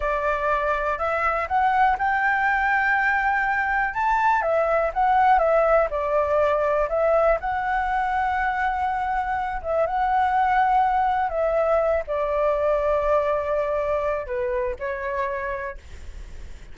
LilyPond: \new Staff \with { instrumentName = "flute" } { \time 4/4 \tempo 4 = 122 d''2 e''4 fis''4 | g''1 | a''4 e''4 fis''4 e''4 | d''2 e''4 fis''4~ |
fis''2.~ fis''8 e''8 | fis''2. e''4~ | e''8 d''2.~ d''8~ | d''4 b'4 cis''2 | }